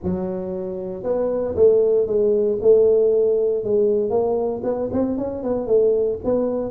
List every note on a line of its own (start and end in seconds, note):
0.03 1.03 F#3
1.03 1.54 B3
1.55 2.06 A3
2.06 2.58 G#3
2.61 3.63 A3
3.63 4.10 G#3
4.10 4.61 A#3
4.63 4.89 B3
4.92 5.17 C4
5.17 5.43 C#4
5.43 5.67 B3
5.67 6.18 A3
6.24 6.71 B3